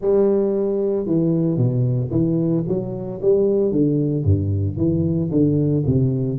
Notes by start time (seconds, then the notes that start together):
0.01 G3
1.06 E3
1.57 B2
2.10 E3
2.67 F#3
3.22 G3
3.71 D3
4.24 G2
4.76 E3
5.30 D3
5.86 C3